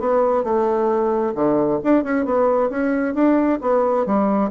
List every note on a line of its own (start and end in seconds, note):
0.00 0.44 B3
0.44 1.33 A3
1.35 1.80 D3
1.84 2.04 D4
2.04 2.26 C#4
2.26 2.70 B3
2.70 3.14 C#4
3.15 3.60 D4
3.61 4.06 B3
4.06 4.51 G3